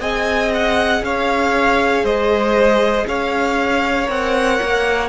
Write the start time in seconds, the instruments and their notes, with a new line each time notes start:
0.00 cello C4, viola G#4, violin D#5 G#5
0.54 violin F#5
1.01 cello C#4, violin C#5 F5
2.03 cello G#3, violin C5 D#5
3.07 cello C#4, violin C#5 F5
4.05 cello C4, viola A#4, violin F#5
4.62 cello A#3